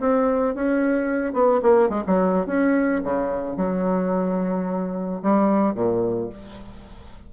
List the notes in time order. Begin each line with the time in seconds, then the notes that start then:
0.00 C4
0.55 C#4
1.34 B3
1.63 A#3
1.89 G#3
2.07 F#3
2.47 C#4
3.04 C#3
3.57 F#3
5.23 G3
5.74 A#2